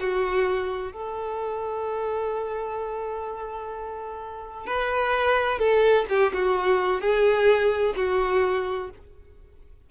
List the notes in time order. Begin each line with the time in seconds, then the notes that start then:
0.00 F#4
0.92 A4
4.66 B4
5.59 A4
6.09 G4
6.33 F#4
7.01 G#4
7.96 F#4